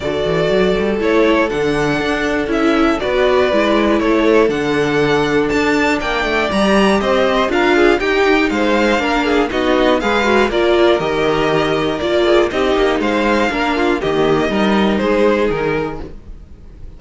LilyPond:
<<
  \new Staff \with { instrumentName = "violin" } { \time 4/4 \tempo 4 = 120 d''2 cis''4 fis''4~ | fis''4 e''4 d''2 | cis''4 fis''2 a''4 | g''4 ais''4 dis''4 f''4 |
g''4 f''2 dis''4 | f''4 d''4 dis''2 | d''4 dis''4 f''2 | dis''2 c''4 ais'4 | }
  \new Staff \with { instrumentName = "violin" } { \time 4/4 a'1~ | a'2 b'2 | a'1 | d''2 c''4 ais'8 gis'8 |
g'4 c''4 ais'8 gis'8 fis'4 | b'4 ais'2.~ | ais'8 gis'8 g'4 c''4 ais'8 f'8 | g'4 ais'4 gis'2 | }
  \new Staff \with { instrumentName = "viola" } { \time 4/4 fis'2 e'4 d'4~ | d'4 e'4 fis'4 e'4~ | e'4 d'2.~ | d'4 g'2 f'4 |
dis'2 d'4 dis'4 | gis'8 fis'8 f'4 g'2 | f'4 dis'2 d'4 | ais4 dis'2. | }
  \new Staff \with { instrumentName = "cello" } { \time 4/4 d8 e8 fis8 g8 a4 d4 | d'4 cis'4 b4 gis4 | a4 d2 d'4 | ais8 a8 g4 c'4 d'4 |
dis'4 gis4 ais4 b4 | gis4 ais4 dis2 | ais4 c'8 ais8 gis4 ais4 | dis4 g4 gis4 dis4 | }
>>